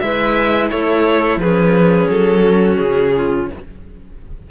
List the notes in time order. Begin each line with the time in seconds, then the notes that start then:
0.00 G#3 E4 B4 E5
0.71 A3 A4 C#5
1.37 F3 G#4 B4
1.44 C#4
2.09 F#3 A4
2.43 F#4
2.78 C#3 G#4
3.15 F4